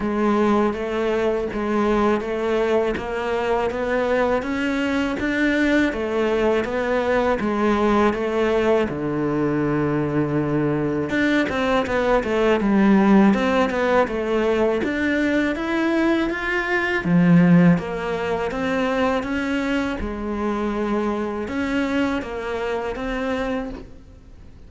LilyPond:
\new Staff \with { instrumentName = "cello" } { \time 4/4 \tempo 4 = 81 gis4 a4 gis4 a4 | ais4 b4 cis'4 d'4 | a4 b4 gis4 a4 | d2. d'8 c'8 |
b8 a8 g4 c'8 b8 a4 | d'4 e'4 f'4 f4 | ais4 c'4 cis'4 gis4~ | gis4 cis'4 ais4 c'4 | }